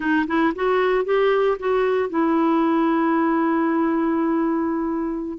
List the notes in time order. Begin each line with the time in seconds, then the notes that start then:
0.00 D#4
0.27 E4
0.55 F#4
1.04 G4
1.59 F#4
2.09 E4